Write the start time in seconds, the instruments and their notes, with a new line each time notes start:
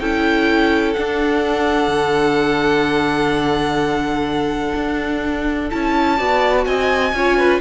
0.00 cello C#4, viola E4, violin A4 G5
0.94 cello D4, viola D4, violin F#5
1.88 cello D3
4.75 cello D4
5.71 cello C#4, viola E4, violin A5
6.17 cello B3, viola F#4, violin D5
6.65 cello C4, violin D#5 G#5
7.13 cello C#4, viola F4, violin C#5
7.38 violin B4